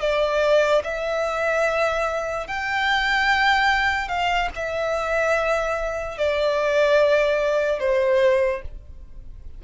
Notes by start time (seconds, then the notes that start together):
0.00 D5
0.84 E5
2.47 G5
4.08 F5
4.55 E5
6.18 D5
7.79 C5